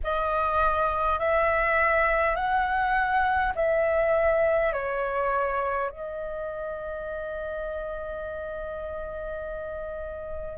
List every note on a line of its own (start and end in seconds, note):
0.03 1.19 D#5
1.19 2.35 E5
2.35 3.53 F#5
3.55 4.72 E5
4.72 5.90 C#5
5.90 10.58 D#5